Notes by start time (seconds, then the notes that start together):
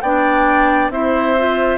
0.00 B3 D4 D5 G5
0.89 C4 E4 C5 E5
1.37 F4